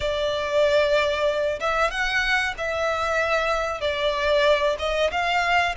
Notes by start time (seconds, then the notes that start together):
0.00 D5
1.60 E5
1.90 F#5
2.57 E5
3.80 D5
4.78 D#5
5.11 F5